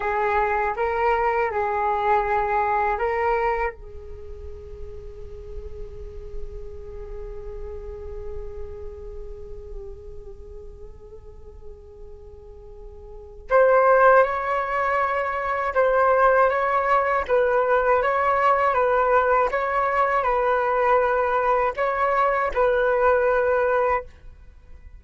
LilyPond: \new Staff \with { instrumentName = "flute" } { \time 4/4 \tempo 4 = 80 gis'4 ais'4 gis'2 | ais'4 gis'2.~ | gis'1~ | gis'1~ |
gis'2 c''4 cis''4~ | cis''4 c''4 cis''4 b'4 | cis''4 b'4 cis''4 b'4~ | b'4 cis''4 b'2 | }